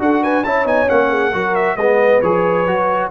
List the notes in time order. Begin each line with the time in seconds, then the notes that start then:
0.00 D4 F#4 A4 F#5
0.23 B4 G#5
0.44 C#4 E4 C#5 A5
0.65 B3 D#4 G#5
0.87 A#3 C#4 F#5
1.10 G#4
1.32 F#3 F#4 A#4
1.56 E5
1.77 G#3 B3 B4 D#5
2.22 F3 G#4 C#5
2.66 F#3 F#4